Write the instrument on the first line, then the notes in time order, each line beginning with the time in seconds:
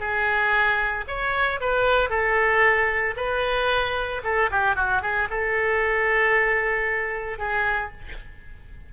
oboe
0.00 G#4
1.08 C#5
1.61 B4
2.10 A4
3.17 B4
4.24 A4
4.51 G4
4.76 F#4
5.03 G#4
5.31 A4
7.39 G#4